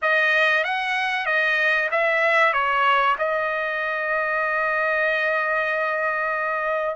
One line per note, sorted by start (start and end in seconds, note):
0.02 0.63 D#5
0.63 1.26 F#5
1.26 1.89 D#5
1.91 2.53 E5
2.53 3.16 C#5
3.18 6.95 D#5